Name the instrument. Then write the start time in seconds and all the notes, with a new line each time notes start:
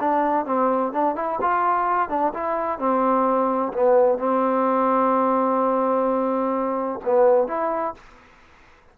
trombone
0.00 D4
0.46 C4
0.92 D4
1.16 E4
1.41 F4
2.09 D4
2.34 E4
2.79 C4
3.73 B3
4.18 C4
7.05 B3
7.47 E4